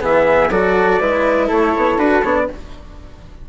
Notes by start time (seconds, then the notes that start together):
0.00 E3 B3 G#4 E5
0.50 F#3 F#4 A4 D5
1.00 G#3 E4 B4
1.48 A3 A4 C#5
1.76 B3
1.97 D4 F#4 B4
2.24 B3 D4 C#5
2.36 D5